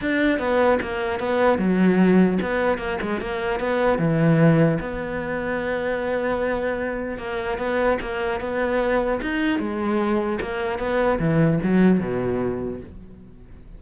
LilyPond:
\new Staff \with { instrumentName = "cello" } { \time 4/4 \tempo 4 = 150 d'4 b4 ais4 b4 | fis2 b4 ais8 gis8 | ais4 b4 e2 | b1~ |
b2 ais4 b4 | ais4 b2 dis'4 | gis2 ais4 b4 | e4 fis4 b,2 | }